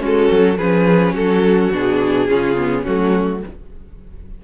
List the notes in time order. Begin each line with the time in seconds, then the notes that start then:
0.00 G#3 C#4 F#4
0.06 A4
0.32 F#3
0.58 F3 C#4 G#4 B4
1.14 F#3 F#4 A4
1.72 B2 D4 G#4
2.28 C#3 C#4 F4
2.58 B3
2.83 F#3 A3 C#4 F#4